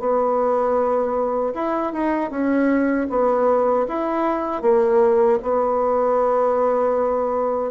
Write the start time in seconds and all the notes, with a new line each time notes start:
0.00 B3
1.55 E4
1.93 D#4
2.31 C#4
3.10 B3
3.89 E4
4.63 A#3
5.43 B3